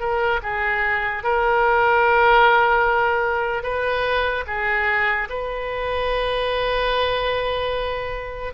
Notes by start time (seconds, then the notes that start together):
0.00 A#4
0.43 G#4
1.23 A#4
3.63 B4
4.47 G#4
5.30 B4